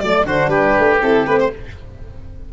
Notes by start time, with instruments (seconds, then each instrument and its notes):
0.00 tuba F#3, horn A3, violin D5, oboe D5
0.25 tuba D3, horn D4, oboe F#4, violin C5
0.48 tuba G3, oboe G4, violin B4
0.79 tuba A3
1.02 tuba C4, horn E4, violin A4
1.27 tuba A3, horn C4, violin B4
1.39 violin C5